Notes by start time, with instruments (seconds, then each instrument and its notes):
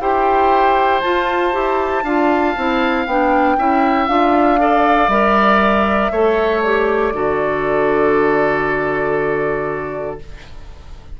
0.00 bassoon E4, clarinet G4, oboe C5, flute G5
1.00 clarinet F4, bassoon F4, flute A5
1.52 bassoon E4, clarinet G4
2.04 bassoon D4, clarinet F4, oboe F5
2.57 bassoon C4, clarinet E4
3.06 bassoon B3, clarinet D4, flute G5
3.58 bassoon C#4, clarinet E4, oboe E5
4.07 bassoon D4, clarinet F4, flute F5
4.59 clarinet A4, oboe D5
5.08 bassoon G3, clarinet A#4, flute E5
6.11 bassoon A3, clarinet A4, oboe C#5
6.62 clarinet G4, flute D5
7.13 bassoon D3, clarinet F#4, oboe A4